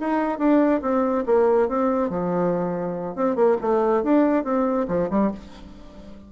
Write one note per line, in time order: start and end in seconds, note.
0.00 0.39 D#4
0.39 0.81 D4
0.82 1.25 C4
1.26 1.69 A#3
1.69 2.10 C4
2.10 3.16 F3
3.16 3.36 C4
3.36 3.57 A#3
3.61 4.03 A3
4.03 4.44 D4
4.44 4.87 C4
4.88 5.09 F3
5.10 5.32 G3